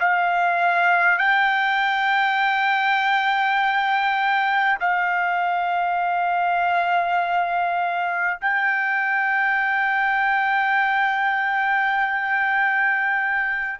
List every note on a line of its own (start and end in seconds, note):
0.00 1.18 F5
1.18 4.78 G5
4.79 8.39 F5
8.41 13.79 G5